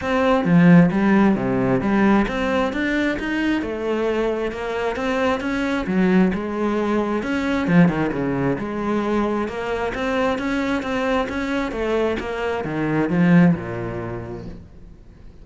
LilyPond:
\new Staff \with { instrumentName = "cello" } { \time 4/4 \tempo 4 = 133 c'4 f4 g4 c4 | g4 c'4 d'4 dis'4 | a2 ais4 c'4 | cis'4 fis4 gis2 |
cis'4 f8 dis8 cis4 gis4~ | gis4 ais4 c'4 cis'4 | c'4 cis'4 a4 ais4 | dis4 f4 ais,2 | }